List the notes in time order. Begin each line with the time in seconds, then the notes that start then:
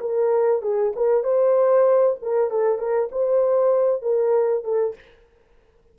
0.00 A#4
0.62 G#4
0.95 A#4
1.23 C5
2.22 A#4
2.50 A4
2.78 A#4
3.12 C5
4.02 A#4
4.64 A4